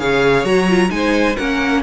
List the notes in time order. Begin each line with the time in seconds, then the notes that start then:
0.00 C#3 G#4 C#5 F5
0.45 F#3 F#4 A#5
0.70 F4
0.90 G#3 D#4 C5 G#5
1.37 A#3 C#4 A#4 F#5